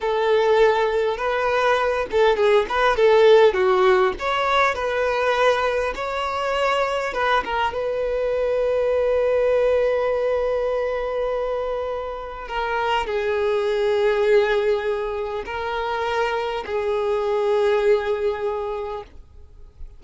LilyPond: \new Staff \with { instrumentName = "violin" } { \time 4/4 \tempo 4 = 101 a'2 b'4. a'8 | gis'8 b'8 a'4 fis'4 cis''4 | b'2 cis''2 | b'8 ais'8 b'2.~ |
b'1~ | b'4 ais'4 gis'2~ | gis'2 ais'2 | gis'1 | }